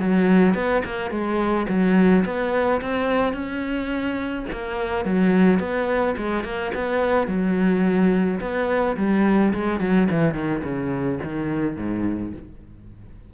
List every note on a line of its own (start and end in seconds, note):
0.00 0.55 F#3
0.55 0.83 B3
0.85 1.11 A#3
1.11 1.67 G#3
1.69 2.25 F#3
2.25 2.81 B3
2.81 3.33 C4
3.33 4.46 C#4
4.52 5.05 A#3
5.05 5.59 F#3
5.59 6.16 B3
6.17 6.44 G#3
6.44 6.72 A#3
6.75 7.28 B3
7.28 8.40 F#3
8.40 8.96 B3
8.97 9.53 G3
9.54 9.80 G#3
9.80 10.08 F#3
10.11 10.34 E3
10.34 10.62 D#3
10.63 11.19 C#3
11.24 11.77 D#3
11.77 12.33 G#2